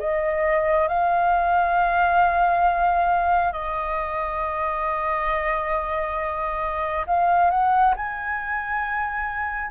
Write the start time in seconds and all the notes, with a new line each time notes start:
0.00 D#5
0.88 F5
3.53 D#5
7.07 F5
7.50 F#5
7.97 G#5